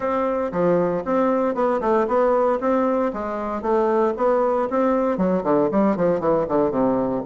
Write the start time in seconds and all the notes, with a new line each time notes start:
0.00 C4
0.51 F3
1.05 C4
1.54 B3
1.80 A3
2.07 B3
2.60 C4
3.13 G#3
3.62 A3
4.17 B3
4.70 C4
5.17 F#3
5.43 D3
5.71 G3
5.96 F3
6.20 E3
6.48 D3
6.70 C3